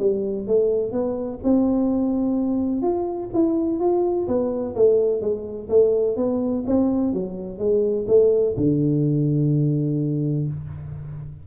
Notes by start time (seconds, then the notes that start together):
0.00 G3
0.48 A3
0.93 B3
1.44 C4
2.82 F4
3.34 E4
3.80 F4
4.28 B3
4.76 A3
5.22 G#3
5.70 A3
6.17 B3
6.68 C4
7.14 F#3
7.59 G#3
8.08 A3
8.57 D3